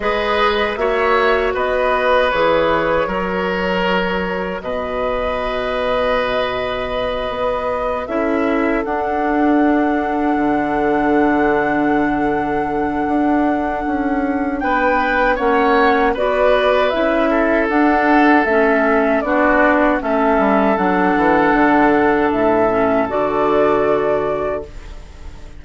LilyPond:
<<
  \new Staff \with { instrumentName = "flute" } { \time 4/4 \tempo 4 = 78 dis''4 e''4 dis''4 cis''4~ | cis''2 dis''2~ | dis''2~ dis''8 e''4 fis''8~ | fis''1~ |
fis''2. g''4 | fis''4 d''4 e''4 fis''4 | e''4 d''4 e''4 fis''4~ | fis''4 e''4 d''2 | }
  \new Staff \with { instrumentName = "oboe" } { \time 4/4 b'4 cis''4 b'2 | ais'2 b'2~ | b'2~ b'8 a'4.~ | a'1~ |
a'2. b'4 | cis''4 b'4. a'4.~ | a'4 fis'4 a'2~ | a'1 | }
  \new Staff \with { instrumentName = "clarinet" } { \time 4/4 gis'4 fis'2 gis'4 | fis'1~ | fis'2~ fis'8 e'4 d'8~ | d'1~ |
d'1 | cis'4 fis'4 e'4 d'4 | cis'4 d'4 cis'4 d'4~ | d'4. cis'8 fis'2 | }
  \new Staff \with { instrumentName = "bassoon" } { \time 4/4 gis4 ais4 b4 e4 | fis2 b,2~ | b,4. b4 cis'4 d'8~ | d'4. d2~ d8~ |
d4 d'4 cis'4 b4 | ais4 b4 cis'4 d'4 | a4 b4 a8 g8 fis8 e8 | d4 a,4 d2 | }
>>